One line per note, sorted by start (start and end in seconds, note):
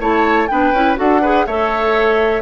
0.00 0.48 A3
0.00 0.49 E4
0.00 0.49 C#5
0.00 0.48 A5
0.48 0.73 B3
0.48 0.74 D4
0.48 0.99 B4
0.48 0.96 G5
0.73 0.97 C#4
0.73 0.96 E4
0.96 1.47 D4
0.96 1.20 F#4
0.96 1.22 A4
0.96 1.47 F#5
1.22 1.48 G#4
1.22 1.46 B4
1.47 2.42 A3
1.47 2.42 A4
1.47 2.42 C#5
1.47 2.42 E5